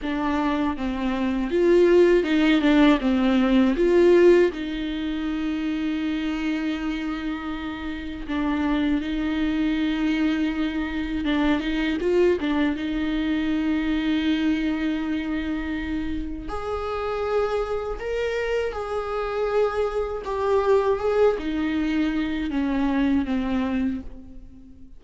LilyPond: \new Staff \with { instrumentName = "viola" } { \time 4/4 \tempo 4 = 80 d'4 c'4 f'4 dis'8 d'8 | c'4 f'4 dis'2~ | dis'2. d'4 | dis'2. d'8 dis'8 |
f'8 d'8 dis'2.~ | dis'2 gis'2 | ais'4 gis'2 g'4 | gis'8 dis'4. cis'4 c'4 | }